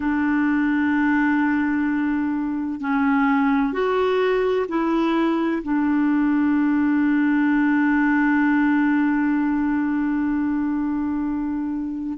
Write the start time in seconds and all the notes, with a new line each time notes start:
0.00 D4
2.80 C#4
3.72 F#4
4.68 E4
5.62 D4